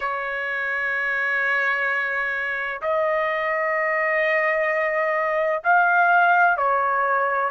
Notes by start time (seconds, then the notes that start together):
0.00 C#5
2.81 D#5
5.63 F5
6.57 C#5